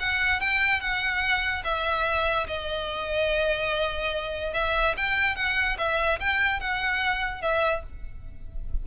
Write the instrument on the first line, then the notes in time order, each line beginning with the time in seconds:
violin
0.00 F#5
0.41 G5
0.81 F#5
1.64 E5
2.48 D#5
4.54 E5
4.97 G5
5.36 F#5
5.78 E5
6.20 G5
6.60 F#5
7.42 E5